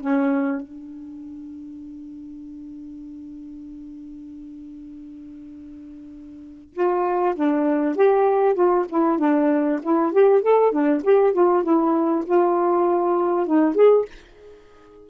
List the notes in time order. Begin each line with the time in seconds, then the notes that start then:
0.00 C#4
0.61 D4
6.73 F4
7.35 D4
7.95 G4
8.54 F4
8.88 E4
9.18 D4
9.82 E4
10.12 G4
10.42 A4
10.71 D4
11.03 G4
11.33 F4
11.63 E4
12.25 F4
13.46 D#4
13.74 G#4